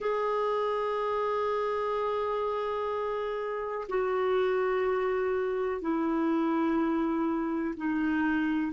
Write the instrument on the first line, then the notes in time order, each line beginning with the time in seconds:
clarinet
0.00 G#4
3.88 F#4
5.81 E4
7.76 D#4